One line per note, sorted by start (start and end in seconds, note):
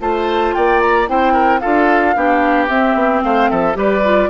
0.00 0.54 A3
0.00 1.07 F4
0.00 0.55 C5
0.00 0.54 A5
0.54 1.09 A#3
0.54 1.09 D5
0.54 0.81 G5
0.81 1.08 A#5
1.07 1.62 C4
1.07 1.61 E4
1.07 1.33 C5
1.07 1.60 G5
1.33 1.60 A#4
1.60 2.16 D4
1.60 2.15 F4
1.60 2.15 A4
1.60 2.67 F5
2.15 2.69 B3
2.15 2.68 D4
2.15 3.24 G4
2.68 2.94 C4
2.68 3.74 C4
2.68 3.22 E5
2.94 3.21 B3
3.23 3.51 A3
3.23 3.50 C5
3.23 3.50 F5
3.50 3.76 F3
3.50 3.77 A4
3.50 3.77 E5
3.74 4.29 G3
3.74 4.01 G4
3.74 4.29 B4
3.74 4.29 D5
4.04 4.29 F4